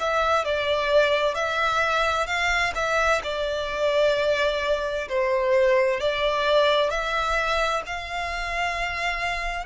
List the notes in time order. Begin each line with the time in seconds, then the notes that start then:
0.00 E5
0.45 D5
1.35 E5
2.27 F5
2.75 E5
3.23 D5
5.09 C5
6.00 D5
6.91 E5
7.86 F5